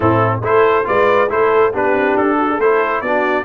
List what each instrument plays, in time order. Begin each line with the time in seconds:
0.00 tuba A2, trombone C4, horn E4, trumpet A4
0.41 tuba A3, trombone E4, horn A4, trumpet C5
0.84 tuba G#3, trombone F4, horn B4, trumpet D5
1.29 tuba A3, trombone E4, horn A4, trumpet C5
1.72 tuba B3, trombone D4, horn G4, trumpet B4
1.93 tuba C4
2.17 tuba D4, trumpet A4
2.37 horn F#4
2.48 horn G#4
2.57 tuba A3, trombone E4, horn A4, trumpet C5
3.01 tuba B3, trombone D4, horn F#4, trumpet D5